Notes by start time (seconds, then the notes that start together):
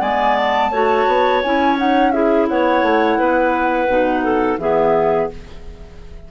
0.00 G#3 B3 D5 G#5
0.36 A5
0.71 A3 F#4 C#5
1.07 B3
1.42 C#4 E4 G#5
1.77 D#4 F#5
2.12 E4 G#4 E5
2.48 B3 C#5 F#5
2.82 A3
3.18 B3 B4
3.87 B2 D#4
4.24 A4
4.58 E3 B3 G#4 E5